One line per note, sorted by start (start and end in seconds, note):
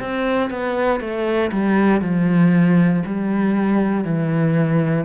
0.00 0.50 C4
0.50 1.00 B3
1.00 1.51 A3
1.52 2.02 G3
2.02 3.03 F3
3.06 4.04 G3
4.04 5.05 E3